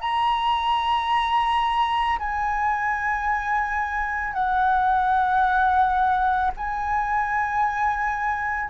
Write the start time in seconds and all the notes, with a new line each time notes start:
0.00 A#5
2.18 G#5
4.33 F#5
6.57 G#5